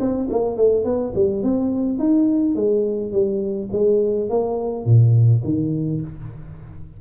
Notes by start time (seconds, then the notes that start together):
0.00 C4
0.30 A#3
0.57 A3
0.84 B3
1.15 G3
1.43 C4
1.98 D#4
2.56 G#3
3.12 G3
3.72 G#3
4.30 A#3
4.85 A#2
5.44 D#3